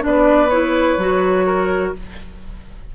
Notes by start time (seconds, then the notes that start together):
0.00 B3 D4 D5
0.06 B4
0.49 E4 C#5
0.97 F#3 F#4
1.46 A#4